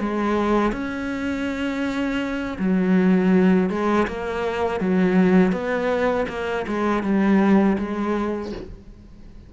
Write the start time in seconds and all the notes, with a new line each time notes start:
0.00 G#3
0.72 C#4
2.59 F#3
3.70 G#3
4.07 A#3
4.80 F#3
5.52 B3
6.29 A#3
6.67 G#3
7.03 G3
7.78 G#3